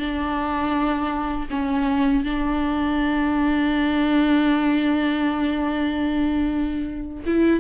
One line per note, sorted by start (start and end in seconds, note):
0.00 1.48 D4
1.51 2.24 C#4
2.24 7.24 D4
7.26 7.61 E4